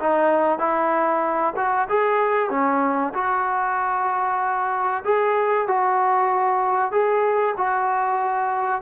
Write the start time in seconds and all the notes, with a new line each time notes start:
0.00 D#4
0.59 E4
1.57 F#4
1.89 G#4
2.50 C#4
3.14 F#4
5.05 G#4
5.68 F#4
6.92 G#4
7.58 F#4